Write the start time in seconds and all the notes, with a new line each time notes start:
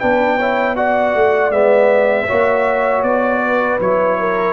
0.00 B3 D4 B4 G5
0.37 E4 C#5
0.76 F#4 D5 F#5
1.15 A3
1.50 G#3 B3 E5
2.27 A#3 F#4 C#5
3.03 B3 D5
3.45 B4
3.80 F#3 E4 C#5
4.19 A#4